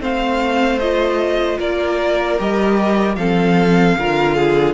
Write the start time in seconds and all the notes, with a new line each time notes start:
0.00 A3 C4 C5 F5
0.79 F4 D#5
1.58 A#3 A#4 D5
2.38 G3 G4 D#5
3.15 F3 C4 A4 F5
3.97 D3 F4 A#4
4.35 G#4